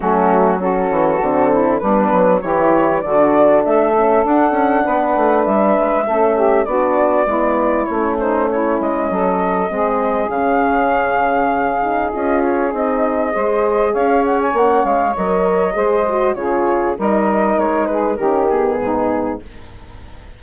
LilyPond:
<<
  \new Staff \with { instrumentName = "flute" } { \time 4/4 \tempo 4 = 99 fis'4 a'2 b'4 | cis''4 d''4 e''4 fis''4~ | fis''4 e''2 d''4~ | d''4 cis''8 c''8 cis''8 dis''4.~ |
dis''4 f''2. | dis''8 cis''8 dis''2 f''8 fis''16 gis''16 | fis''8 f''8 dis''2 cis''4 | dis''4 cis''8 b'8 ais'8 gis'4. | }
  \new Staff \with { instrumentName = "saxophone" } { \time 4/4 cis'4 fis'4. e'8 d'4 | g'4 fis'4 a'2 | b'2 a'8 g'8 fis'4 | e'4. dis'8 e'4 a'4 |
gis'1~ | gis'2 c''4 cis''4~ | cis''2 c''4 gis'4 | ais'4. gis'8 g'4 dis'4 | }
  \new Staff \with { instrumentName = "horn" } { \time 4/4 a4 cis'4 c'4 b4 | e'4 d'4. cis'8 d'4~ | d'2 cis'4 d'4 | b4 cis'2. |
c'4 cis'2~ cis'8 dis'8 | f'4 dis'4 gis'2 | cis'4 ais'4 gis'8 fis'8 f'4 | dis'2 cis'8 b4. | }
  \new Staff \with { instrumentName = "bassoon" } { \time 4/4 fis4. e8 d4 g8 fis8 | e4 d4 a4 d'8 cis'8 | b8 a8 g8 gis8 a4 b4 | gis4 a4. gis8 fis4 |
gis4 cis2. | cis'4 c'4 gis4 cis'4 | ais8 gis8 fis4 gis4 cis4 | g4 gis4 dis4 gis,4 | }
>>